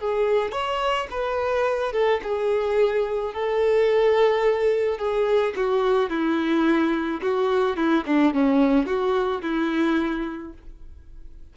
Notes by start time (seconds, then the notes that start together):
0.00 G#4
0.52 C#5
1.11 B4
1.93 A4
2.23 G#4
3.34 A4
4.98 G#4
5.57 F#4
6.10 E4
7.22 F#4
7.77 E4
8.06 D4
8.34 C#4
8.87 F#4
9.42 E4